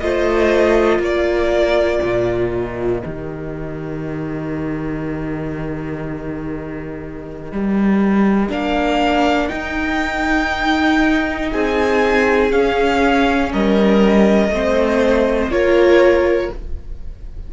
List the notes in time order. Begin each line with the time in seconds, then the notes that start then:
0.00 A3 F4 C5 D#5
0.99 A#3 A#4 D5
2.02 A#2
2.52 D#5
3.01 D#3 G4
7.52 G3
8.49 A#3 D4 F5
9.49 D#4 G5
11.52 C4 G#4 G#5
12.51 C#4 F5
13.52 G3 A#4 D#5
14.48 A3 C4
14.55 C5
15.49 A#3 F4 A#4 C#5